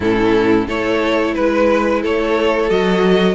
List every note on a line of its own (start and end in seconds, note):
0.00 0.67 A2
0.00 0.68 C#4
0.00 0.66 E4
0.00 0.68 A4
0.66 1.35 A3
0.66 2.68 E4
0.66 1.34 A4
0.66 1.34 C#5
1.34 2.04 G#3
1.34 2.02 B4
1.34 2.01 B4
2.01 2.70 A3
2.01 3.35 A4
2.01 2.70 C#5
2.68 3.35 F#3
2.68 3.35 F#4
2.68 3.35 D#5